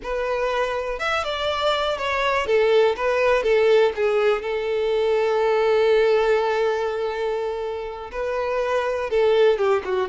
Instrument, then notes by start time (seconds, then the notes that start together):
violin
0.02 B4
0.99 E5
1.23 D5
1.97 C#5
2.46 A4
2.96 B4
3.43 A4
3.95 G#4
4.42 A4
8.11 B4
9.10 A4
9.58 G4
9.84 F#4